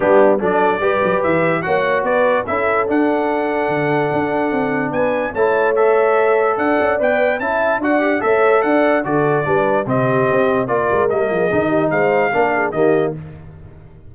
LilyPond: <<
  \new Staff \with { instrumentName = "trumpet" } { \time 4/4 \tempo 4 = 146 g'4 d''2 e''4 | fis''4 d''4 e''4 fis''4~ | fis''1 | gis''4 a''4 e''2 |
fis''4 g''4 a''4 fis''4 | e''4 fis''4 d''2 | dis''2 d''4 dis''4~ | dis''4 f''2 dis''4 | }
  \new Staff \with { instrumentName = "horn" } { \time 4/4 d'4 a'4 b'2 | cis''4 b'4 a'2~ | a'1 | b'4 cis''2. |
d''2 e''4 d''4 | cis''4 d''4 a'4 b'4 | g'2 ais'4. gis'8~ | gis'8 g'8 c''4 ais'8 gis'8 g'4 | }
  \new Staff \with { instrumentName = "trombone" } { \time 4/4 b4 d'4 g'2 | fis'2 e'4 d'4~ | d'1~ | d'4 e'4 a'2~ |
a'4 b'4 e'4 fis'8 g'8 | a'2 fis'4 d'4 | c'2 f'4 ais4 | dis'2 d'4 ais4 | }
  \new Staff \with { instrumentName = "tuba" } { \time 4/4 g4 fis4 g8 fis8 e4 | ais4 b4 cis'4 d'4~ | d'4 d4 d'4 c'4 | b4 a2. |
d'8 cis'8 b4 cis'4 d'4 | a4 d'4 d4 g4 | c4 c'4 ais8 gis8 g8 f8 | dis4 gis4 ais4 dis4 | }
>>